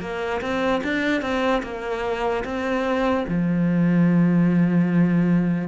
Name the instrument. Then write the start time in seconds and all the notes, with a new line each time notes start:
cello
0.00 A#3
0.41 C4
0.83 D4
1.21 C4
1.63 A#3
2.44 C4
3.28 F3